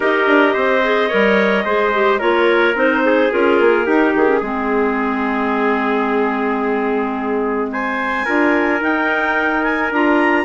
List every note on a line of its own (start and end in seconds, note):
0.00 0.26 D#4
0.00 0.83 G4
0.00 0.53 A#4
0.00 2.20 D#5
0.26 0.54 D4
0.53 1.10 C4
0.53 1.08 C5
0.83 1.09 G#4
1.08 1.65 G3
1.08 1.64 A#4
1.08 1.63 C#5
1.64 2.20 G#3
1.64 1.93 G#4
1.64 2.19 C5
1.93 2.20 G4
2.19 2.74 A#3
2.19 2.74 F4
2.19 3.01 A#4
2.19 2.75 C#5
2.74 3.29 C4
2.74 3.29 D#4
2.74 3.32 C5
3.05 3.86 G#4
3.31 3.60 C#4
3.31 3.86 F4
3.31 4.14 A#4
3.60 3.86 A#3
3.86 4.26 D#4
3.86 4.14 D#4
3.86 4.39 G4
4.15 4.41 D#3
4.15 7.72 G#4
4.26 4.39 C#4
4.39 8.26 G#3
4.39 8.26 C4
4.39 7.69 G#4
7.72 8.25 C5
7.72 8.82 G#5
8.25 8.81 D4
8.25 8.79 F4
8.25 10.44 A#4
8.79 9.89 D#4
8.79 9.91 D#4
8.79 9.63 G5
9.63 9.90 G#5
9.91 10.44 D4
9.91 10.44 F4
9.91 10.44 A#5